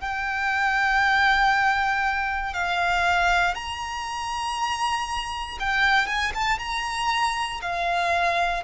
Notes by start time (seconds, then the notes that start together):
0.00 G5
2.53 F5
3.55 A#5
5.59 G5
6.06 G#5
6.34 A5
6.59 A#5
7.61 F5